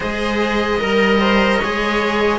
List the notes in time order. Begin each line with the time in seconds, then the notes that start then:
0.00 G#3 G#4 C5 D#5
0.79 G3 A#4
1.20 C5
1.59 G#3 G#4 C#5